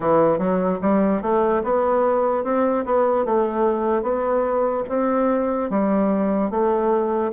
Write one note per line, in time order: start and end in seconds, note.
0.00 0.38 E3
0.38 0.79 F#3
0.81 1.22 G3
1.22 1.62 A3
1.63 2.44 B3
2.44 2.84 C4
2.85 3.25 B3
3.25 4.02 A3
4.02 4.83 B3
4.89 5.69 C4
5.69 6.50 G3
6.50 7.31 A3